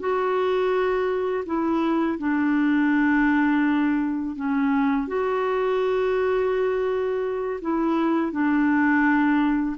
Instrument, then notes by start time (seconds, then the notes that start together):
clarinet
0.00 F#4
1.46 E4
2.19 D4
4.36 C#4
5.08 F#4
7.62 E4
8.32 D4